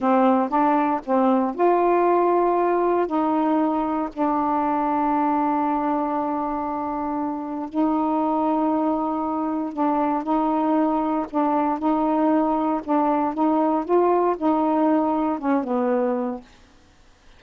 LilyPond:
\new Staff \with { instrumentName = "saxophone" } { \time 4/4 \tempo 4 = 117 c'4 d'4 c'4 f'4~ | f'2 dis'2 | d'1~ | d'2. dis'4~ |
dis'2. d'4 | dis'2 d'4 dis'4~ | dis'4 d'4 dis'4 f'4 | dis'2 cis'8 b4. | }